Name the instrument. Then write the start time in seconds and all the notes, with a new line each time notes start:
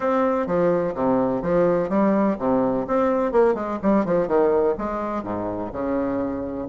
bassoon
0.00 C4
0.46 F3
0.94 C3
1.42 F3
1.89 G3
2.38 C3
2.87 C4
3.32 A#3
3.54 G#3
3.82 G3
4.05 F3
4.27 D#3
4.77 G#3
5.23 G#2
5.72 C#3